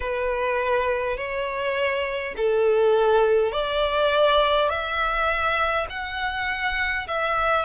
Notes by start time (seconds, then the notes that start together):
0.00 B4
1.17 C#5
2.36 A4
3.52 D5
4.68 E5
5.89 F#5
7.07 E5